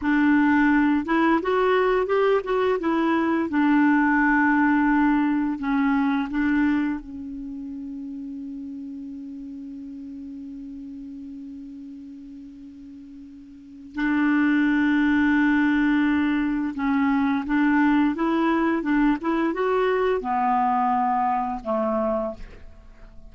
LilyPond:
\new Staff \with { instrumentName = "clarinet" } { \time 4/4 \tempo 4 = 86 d'4. e'8 fis'4 g'8 fis'8 | e'4 d'2. | cis'4 d'4 cis'2~ | cis'1~ |
cis'1 | d'1 | cis'4 d'4 e'4 d'8 e'8 | fis'4 b2 a4 | }